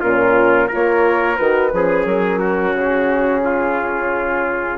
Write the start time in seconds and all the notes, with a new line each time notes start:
0.00 A#2 C#4 F4 A#4
0.68 F4 A#4
0.74 A#3 C#5
1.37 D#3 F#4 B4
1.72 F3 C#4 G#4
2.05 F#3 A#4
2.39 F#4
2.74 C#3 G#4
3.45 F4